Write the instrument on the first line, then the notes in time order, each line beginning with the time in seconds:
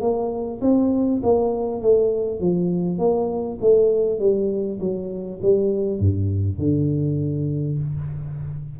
tuba
0.00 A#3
0.61 C4
1.23 A#3
1.81 A3
2.40 F3
2.98 A#3
3.60 A3
4.19 G3
4.80 F#3
5.42 G3
5.99 G2
6.58 D3